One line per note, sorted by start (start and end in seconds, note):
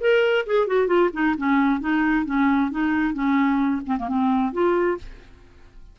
0.00 0.45 A#4
0.46 0.67 G#4
0.67 0.87 F#4
0.87 1.10 F4
1.13 1.36 D#4
1.37 1.80 C#4
1.80 2.26 D#4
2.26 2.71 C#4
2.71 3.14 D#4
3.14 3.82 C#4
3.86 3.97 C4
3.99 4.08 A#3
4.08 4.52 C4
4.52 4.98 F4